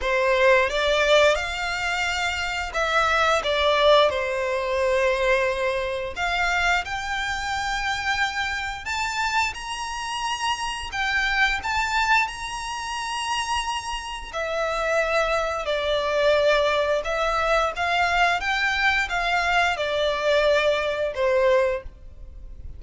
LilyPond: \new Staff \with { instrumentName = "violin" } { \time 4/4 \tempo 4 = 88 c''4 d''4 f''2 | e''4 d''4 c''2~ | c''4 f''4 g''2~ | g''4 a''4 ais''2 |
g''4 a''4 ais''2~ | ais''4 e''2 d''4~ | d''4 e''4 f''4 g''4 | f''4 d''2 c''4 | }